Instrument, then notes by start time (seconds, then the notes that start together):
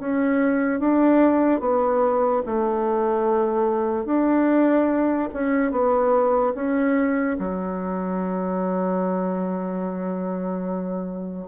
bassoon
0.00 C#4
0.80 D4
1.61 B3
2.46 A3
4.06 D4
5.34 C#4
5.72 B3
6.55 C#4
7.39 F#3